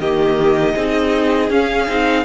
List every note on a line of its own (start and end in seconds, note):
0.00 0.75 D#3
0.00 0.76 A#3
0.00 0.75 G4
0.00 1.50 D#5
0.75 1.50 C4
0.75 1.51 D#4
0.75 2.25 G#4
1.50 1.88 C#4
1.50 2.25 F5
1.88 2.25 C4
1.88 2.25 D#4